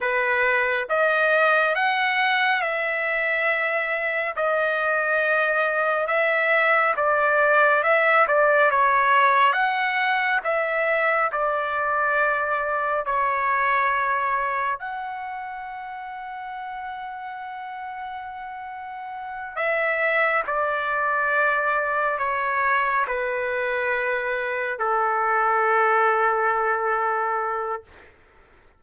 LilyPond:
\new Staff \with { instrumentName = "trumpet" } { \time 4/4 \tempo 4 = 69 b'4 dis''4 fis''4 e''4~ | e''4 dis''2 e''4 | d''4 e''8 d''8 cis''4 fis''4 | e''4 d''2 cis''4~ |
cis''4 fis''2.~ | fis''2~ fis''8 e''4 d''8~ | d''4. cis''4 b'4.~ | b'8 a'2.~ a'8 | }